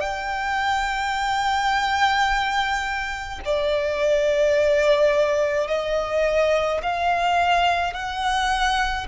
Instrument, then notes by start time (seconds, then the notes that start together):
violin
0.00 G5
3.45 D5
5.68 D#5
6.82 F5
7.93 F#5